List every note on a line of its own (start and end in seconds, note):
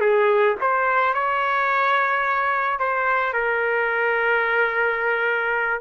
0.00 0.55 G#4
0.61 1.14 C5
1.14 2.79 C#5
2.79 3.33 C5
3.33 5.80 A#4